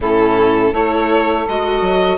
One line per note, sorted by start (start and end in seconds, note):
0.00 0.73 A2
0.00 0.74 C#4
0.00 0.72 E4
0.00 0.74 A4
0.72 1.46 A3
0.72 1.47 E4
0.72 2.17 A4
0.72 1.47 C#5
1.48 1.81 G#3
1.48 2.17 F#4
1.48 2.17 D#5
1.81 2.17 F#3